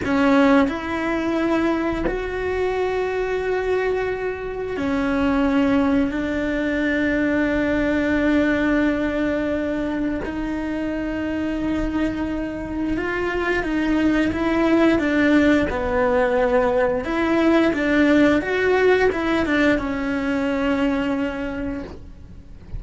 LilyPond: \new Staff \with { instrumentName = "cello" } { \time 4/4 \tempo 4 = 88 cis'4 e'2 fis'4~ | fis'2. cis'4~ | cis'4 d'2.~ | d'2. dis'4~ |
dis'2. f'4 | dis'4 e'4 d'4 b4~ | b4 e'4 d'4 fis'4 | e'8 d'8 cis'2. | }